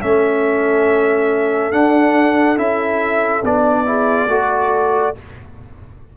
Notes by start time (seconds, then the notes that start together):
0.00 A3 C#4 A4 E5
1.71 D4 F#5
2.57 C#4 E4 E5
3.43 B3 D4 D5
3.85 E4 G#4
4.26 A3 F#4 A4